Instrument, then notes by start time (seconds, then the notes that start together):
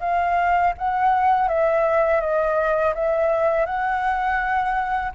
flute
0.00 F5
0.78 F#5
1.48 E5
2.21 D#5
2.94 E5
3.66 F#5